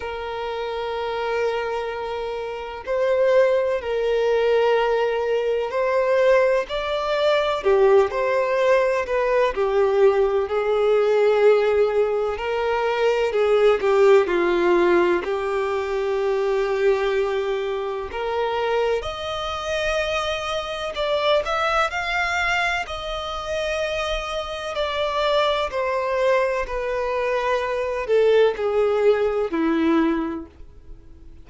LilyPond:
\new Staff \with { instrumentName = "violin" } { \time 4/4 \tempo 4 = 63 ais'2. c''4 | ais'2 c''4 d''4 | g'8 c''4 b'8 g'4 gis'4~ | gis'4 ais'4 gis'8 g'8 f'4 |
g'2. ais'4 | dis''2 d''8 e''8 f''4 | dis''2 d''4 c''4 | b'4. a'8 gis'4 e'4 | }